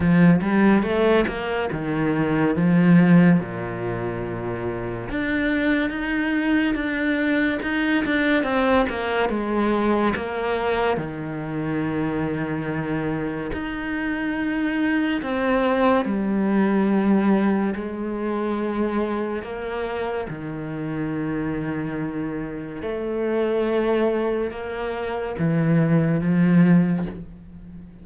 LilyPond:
\new Staff \with { instrumentName = "cello" } { \time 4/4 \tempo 4 = 71 f8 g8 a8 ais8 dis4 f4 | ais,2 d'4 dis'4 | d'4 dis'8 d'8 c'8 ais8 gis4 | ais4 dis2. |
dis'2 c'4 g4~ | g4 gis2 ais4 | dis2. a4~ | a4 ais4 e4 f4 | }